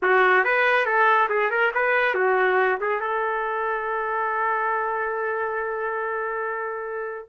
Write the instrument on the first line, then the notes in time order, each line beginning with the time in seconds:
trumpet
0.02 F#4
0.44 B4
0.85 A4
1.29 G#4
1.50 A#4
1.74 B4
2.14 F#4
2.80 G#4
3.00 A4